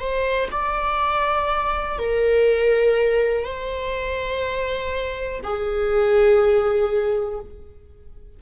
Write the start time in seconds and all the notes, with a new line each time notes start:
0.00 C5
0.52 D5
1.99 A#4
3.44 C5
5.43 G#4